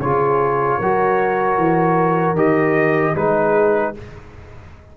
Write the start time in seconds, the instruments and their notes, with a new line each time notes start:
0.00 tuba C#3, trombone F4, horn G#4, trumpet C#5
0.78 tuba F#3, trombone F#4, horn A#4
1.58 tuba E3
2.34 tuba D#3, trombone G4, trumpet D#5
3.16 tuba G#3, trombone D#4, horn G#4, trumpet B4